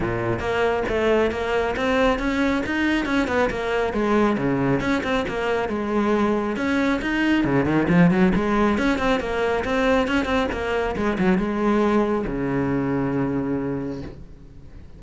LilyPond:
\new Staff \with { instrumentName = "cello" } { \time 4/4 \tempo 4 = 137 ais,4 ais4 a4 ais4 | c'4 cis'4 dis'4 cis'8 b8 | ais4 gis4 cis4 cis'8 c'8 | ais4 gis2 cis'4 |
dis'4 cis8 dis8 f8 fis8 gis4 | cis'8 c'8 ais4 c'4 cis'8 c'8 | ais4 gis8 fis8 gis2 | cis1 | }